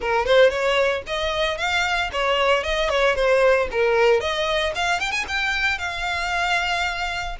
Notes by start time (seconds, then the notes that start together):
0.00 A#4
0.26 C5
0.50 C#5
1.06 D#5
1.57 F5
2.12 C#5
2.63 D#5
2.89 C#5
3.15 C5
3.71 A#4
4.20 D#5
4.75 F5
5.00 G5
5.11 G#5
5.28 G5
5.78 F5